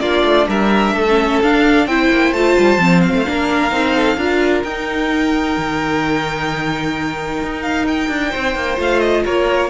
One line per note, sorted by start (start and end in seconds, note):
0.00 0.23 A#3
0.00 1.07 D4
0.00 0.47 F4
0.00 0.46 D5
0.24 0.47 A3
0.48 0.92 G3
0.48 0.93 A#4
0.48 1.42 E5
0.92 1.38 A3
0.92 1.86 A4
1.09 1.43 C#4
1.42 1.86 D4
1.42 1.89 D4
1.42 1.87 F5
1.86 2.09 C4
1.86 2.34 E4
1.86 3.28 C5
1.86 2.33 G5
2.10 2.32 A#3
2.32 2.55 A3
2.32 2.78 F4
2.32 3.01 A5
2.59 2.77 G3
2.77 3.12 F3
2.77 3.24 C4
3.01 4.62 F5
3.15 3.26 A3
3.25 3.72 A#3
3.25 3.70 D4
3.25 3.96 A#4
3.70 4.17 C4
3.70 4.17 D#4
3.96 4.18 A4
4.17 4.63 D4
4.17 4.65 F4
4.17 8.31 A#4
4.64 5.56 D#4
4.64 8.77 D#4
4.64 7.62 G5
5.57 7.42 D#3
7.42 8.09 D#4
7.62 7.85 F5
7.87 8.79 G5
8.09 8.32 D4
8.31 8.55 C4
8.31 9.23 C5
8.55 8.78 A#3
8.77 9.24 A3
8.77 9.69 F4
8.77 9.00 F5
9.00 9.23 D#5
9.24 9.70 A#3
9.24 9.70 A#4
9.24 9.70 C#5